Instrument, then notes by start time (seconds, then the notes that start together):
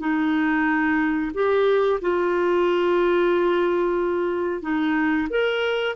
clarinet
0.00 D#4
1.34 G4
2.01 F4
4.62 D#4
5.30 A#4